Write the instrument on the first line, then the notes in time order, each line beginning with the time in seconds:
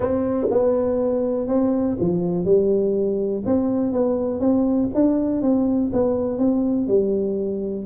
tuba
0.00 C4
0.50 B3
1.47 C4
1.99 F3
2.44 G3
3.45 C4
3.92 B3
4.39 C4
4.94 D4
5.41 C4
5.92 B3
6.38 C4
6.87 G3